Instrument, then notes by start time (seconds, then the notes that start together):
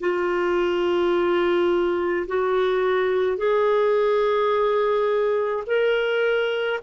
clarinet
0.00 F4
2.27 F#4
3.38 G#4
5.67 A#4